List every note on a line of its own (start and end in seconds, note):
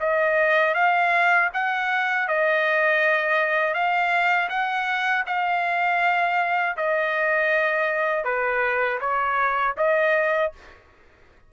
0.00 0.74 D#5
0.74 1.49 F5
1.53 2.28 F#5
2.28 3.74 D#5
3.74 4.49 F5
4.49 5.24 F#5
5.26 6.76 F5
6.77 8.24 D#5
8.24 8.99 B4
9.00 9.75 C#5
9.77 10.52 D#5